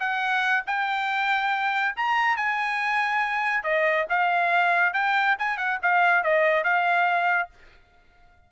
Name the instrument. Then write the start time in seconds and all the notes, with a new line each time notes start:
trumpet
0.00 F#5
0.67 G5
1.97 A#5
2.37 G#5
3.64 D#5
4.10 F5
4.94 G5
5.39 G#5
5.58 F#5
5.83 F5
6.24 D#5
6.64 F5